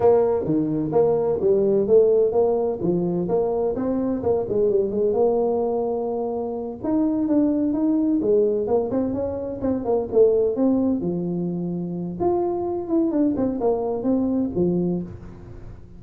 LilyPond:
\new Staff \with { instrumentName = "tuba" } { \time 4/4 \tempo 4 = 128 ais4 dis4 ais4 g4 | a4 ais4 f4 ais4 | c'4 ais8 gis8 g8 gis8 ais4~ | ais2~ ais8 dis'4 d'8~ |
d'8 dis'4 gis4 ais8 c'8 cis'8~ | cis'8 c'8 ais8 a4 c'4 f8~ | f2 f'4. e'8 | d'8 c'8 ais4 c'4 f4 | }